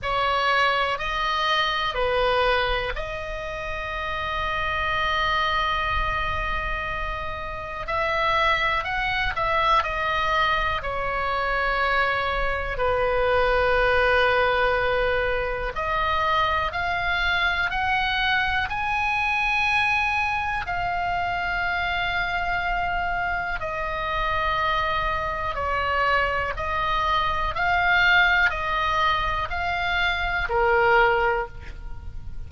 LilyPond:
\new Staff \with { instrumentName = "oboe" } { \time 4/4 \tempo 4 = 61 cis''4 dis''4 b'4 dis''4~ | dis''1 | e''4 fis''8 e''8 dis''4 cis''4~ | cis''4 b'2. |
dis''4 f''4 fis''4 gis''4~ | gis''4 f''2. | dis''2 cis''4 dis''4 | f''4 dis''4 f''4 ais'4 | }